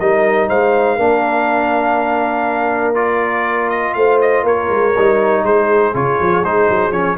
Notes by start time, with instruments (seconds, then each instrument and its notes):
0.00 tuba G3, trombone D#4, horn A#4, trumpet D#5
0.49 tuba G#3, horn C5, trumpet F5
0.96 tuba A#3, trombone D4, horn A#4
2.95 trombone F4, trumpet D5
3.70 trumpet D#5
3.94 tuba A3, horn C5, trumpet F5
4.21 trumpet D#5
4.44 tuba A#3, horn A#4, trumpet C#5
4.70 tuba G#3
4.98 tuba G3, trombone D#4
5.44 tuba G#3, horn G#4, trumpet C5
5.94 tuba C#3, trombone F4, trumpet C#5
6.20 tuba F3
6.42 tuba G#3, trombone D#4, trumpet C5
6.70 tuba F#3
6.91 tuba F3, trombone C#4, trumpet C#5